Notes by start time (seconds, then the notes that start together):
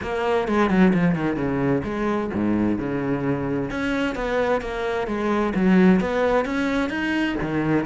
0.02 A#3
0.48 G#3
0.69 F#3
0.93 F3
1.15 D#3
1.36 C#3
1.84 G#3
2.33 G#2
2.78 C#3
3.70 C#4
4.15 B3
4.61 A#3
5.07 G#3
5.54 F#3
6.00 B3
6.45 C#4
6.89 D#4
7.41 D#3